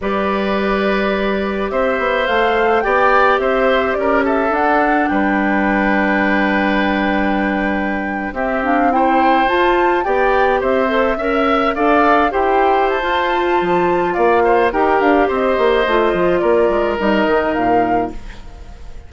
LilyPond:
<<
  \new Staff \with { instrumentName = "flute" } { \time 4/4 \tempo 4 = 106 d''2. e''4 | f''4 g''4 e''4 d''8 e''8 | fis''4 g''2.~ | g''2~ g''8. e''8 f''8 g''16~ |
g''8. a''4 g''4 e''4~ e''16~ | e''8. f''4 g''4 a''4~ a''16~ | a''4 f''4 g''8 f''8 dis''4~ | dis''4 d''4 dis''4 f''4 | }
  \new Staff \with { instrumentName = "oboe" } { \time 4/4 b'2. c''4~ | c''4 d''4 c''4 ais'8 a'8~ | a'4 b'2.~ | b'2~ b'8. g'4 c''16~ |
c''4.~ c''16 d''4 c''4 e''16~ | e''8. d''4 c''2~ c''16~ | c''4 d''8 c''8 ais'4 c''4~ | c''4 ais'2. | }
  \new Staff \with { instrumentName = "clarinet" } { \time 4/4 g'1 | a'4 g'2. | d'1~ | d'2~ d'8. c'8 d'8 e'16~ |
e'8. f'4 g'4. a'8 ais'16~ | ais'8. a'4 g'4~ g'16 f'4~ | f'2 g'2 | f'2 dis'2 | }
  \new Staff \with { instrumentName = "bassoon" } { \time 4/4 g2. c'8 b8 | a4 b4 c'4 cis'4 | d'4 g2.~ | g2~ g8. c'4~ c'16~ |
c'8. f'4 b4 c'4 cis'16~ | cis'8. d'4 e'4~ e'16 f'4 | f4 ais4 dis'8 d'8 c'8 ais8 | a8 f8 ais8 gis8 g8 dis8 ais,4 | }
>>